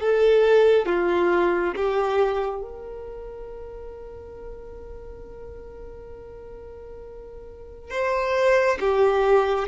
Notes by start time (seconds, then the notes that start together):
0.00 A4
0.86 F4
1.76 G4
2.61 A#4
7.90 C5
8.80 G4